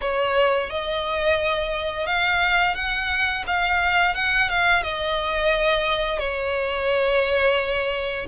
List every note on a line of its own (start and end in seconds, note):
0.01 0.70 C#5
0.70 2.06 D#5
2.06 2.75 F5
2.75 3.44 F#5
3.47 4.14 F5
4.14 4.49 F#5
4.49 4.82 F5
4.82 6.18 D#5
6.18 8.25 C#5